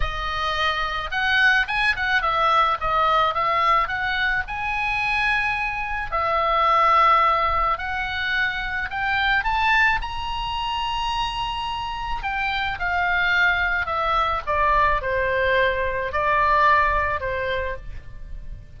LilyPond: \new Staff \with { instrumentName = "oboe" } { \time 4/4 \tempo 4 = 108 dis''2 fis''4 gis''8 fis''8 | e''4 dis''4 e''4 fis''4 | gis''2. e''4~ | e''2 fis''2 |
g''4 a''4 ais''2~ | ais''2 g''4 f''4~ | f''4 e''4 d''4 c''4~ | c''4 d''2 c''4 | }